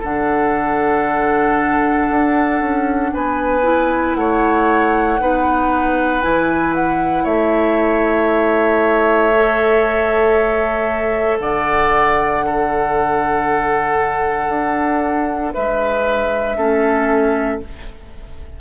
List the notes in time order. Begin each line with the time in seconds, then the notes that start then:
0.00 D3 D4 A4 F#5
2.10 D4
2.60 C#4
3.13 B3 B4 G#5
3.63 E4
4.15 A3 C#5 F#5
5.19 B3 D#4 B4
6.21 E3 E4 G#5
6.74 F#5
7.23 A3 C#5 E5
9.35 A4
11.39 D3 D5 F#5
12.43 D4 A4
14.48 D4
15.53 G#3 B4 E5
16.56 A3 C#4 A4